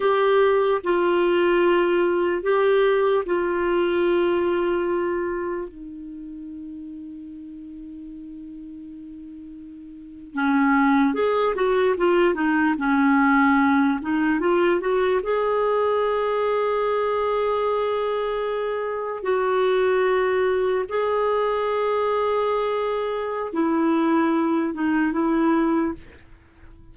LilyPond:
\new Staff \with { instrumentName = "clarinet" } { \time 4/4 \tempo 4 = 74 g'4 f'2 g'4 | f'2. dis'4~ | dis'1~ | dis'8. cis'4 gis'8 fis'8 f'8 dis'8 cis'16~ |
cis'4~ cis'16 dis'8 f'8 fis'8 gis'4~ gis'16~ | gis'2.~ gis'8. fis'16~ | fis'4.~ fis'16 gis'2~ gis'16~ | gis'4 e'4. dis'8 e'4 | }